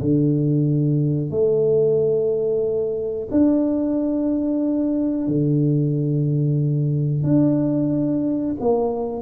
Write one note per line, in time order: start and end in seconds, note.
0.00 1.30 D3
1.30 3.28 A3
3.30 5.27 D4
5.27 7.23 D3
7.23 8.55 D4
8.60 9.22 A#3